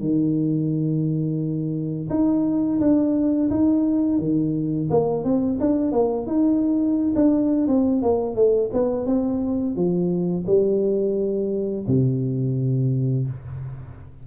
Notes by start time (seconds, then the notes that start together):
0.00 D#3
2.10 D#4
2.80 D4
3.51 D#4
4.19 D#3
4.90 A#3
5.25 C4
5.60 D4
5.92 A#3
6.27 D#4
7.16 D4
7.68 C4
8.03 A#3
8.36 A3
8.73 B3
9.06 C4
9.76 F3
10.47 G3
11.88 C3